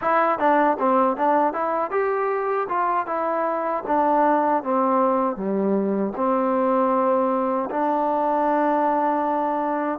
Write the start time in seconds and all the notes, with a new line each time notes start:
0.01 E4
0.38 D4
0.79 C4
1.16 D4
1.53 E4
1.91 G4
2.69 F4
3.06 E4
3.87 D4
4.63 C4
5.36 G3
6.15 C4
7.70 D4